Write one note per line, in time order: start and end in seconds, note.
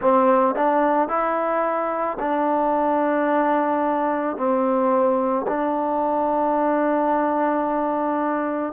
0.01 0.55 C4
0.55 1.08 D4
1.08 2.17 E4
2.19 4.36 D4
4.36 5.45 C4
5.47 8.73 D4